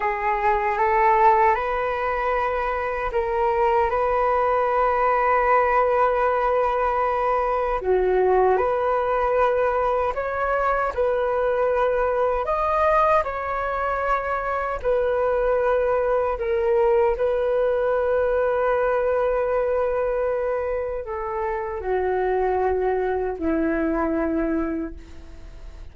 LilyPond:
\new Staff \with { instrumentName = "flute" } { \time 4/4 \tempo 4 = 77 gis'4 a'4 b'2 | ais'4 b'2.~ | b'2 fis'4 b'4~ | b'4 cis''4 b'2 |
dis''4 cis''2 b'4~ | b'4 ais'4 b'2~ | b'2. a'4 | fis'2 e'2 | }